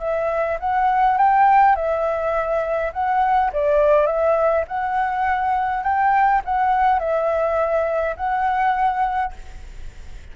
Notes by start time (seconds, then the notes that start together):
0.00 E5
0.60 F#5
1.18 G5
1.76 E5
2.93 F#5
3.53 D5
4.07 E5
4.68 F#5
5.84 G5
6.45 F#5
7.00 E5
8.17 F#5